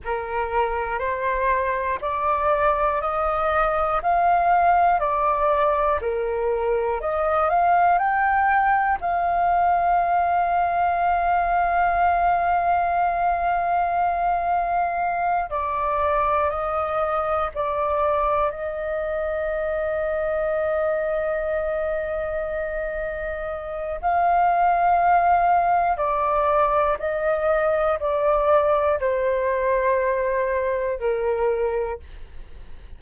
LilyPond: \new Staff \with { instrumentName = "flute" } { \time 4/4 \tempo 4 = 60 ais'4 c''4 d''4 dis''4 | f''4 d''4 ais'4 dis''8 f''8 | g''4 f''2.~ | f''2.~ f''8 d''8~ |
d''8 dis''4 d''4 dis''4.~ | dis''1 | f''2 d''4 dis''4 | d''4 c''2 ais'4 | }